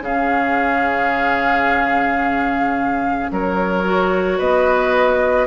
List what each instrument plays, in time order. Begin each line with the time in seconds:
0.00 bassoon C#3, clarinet C#4, oboe G#4, flute F5
3.31 bassoon F#3, oboe A#4, flute C#5
3.84 clarinet F#4
4.38 bassoon B3, oboe B4, flute D#5